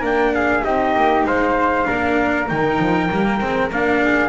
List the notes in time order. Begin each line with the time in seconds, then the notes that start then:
0.00 A#3 D4 A#4 G5
0.34 G#4 F5
0.64 C4 D#4 G4 D#5
0.96 A#3
1.25 G#3 C5 F5
1.85 A#3 D4 A#4
2.49 D#3 D#4 G5
2.80 F3
3.11 G3 A#3
3.41 G#3 C4
3.71 A#3 D4 F5
4.02 G#4